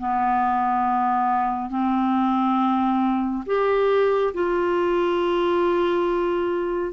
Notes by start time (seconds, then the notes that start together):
0.00 B3
1.70 C4
3.47 G4
4.34 F4